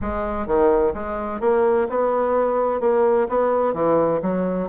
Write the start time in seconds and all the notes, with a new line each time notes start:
0.01 G#3
0.46 D#3
0.94 G#3
1.40 A#3
1.89 B3
2.80 A#3
3.28 B3
3.73 E3
4.22 F#3